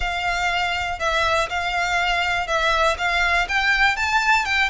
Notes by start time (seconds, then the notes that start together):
0.00 F5
0.99 E5
1.49 F5
2.47 E5
2.98 F5
3.48 G5
3.96 A5
4.45 G5